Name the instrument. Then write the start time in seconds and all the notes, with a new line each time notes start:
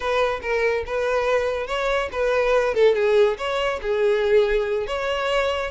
violin
0.00 B4
0.41 A#4
0.86 B4
1.67 C#5
2.12 B4
2.74 A4
2.95 G#4
3.37 C#5
3.82 G#4
4.86 C#5